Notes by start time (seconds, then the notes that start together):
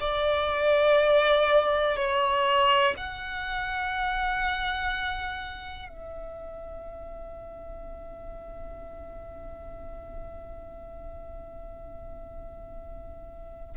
0.00 D5
1.96 C#5
2.97 F#5
5.89 E5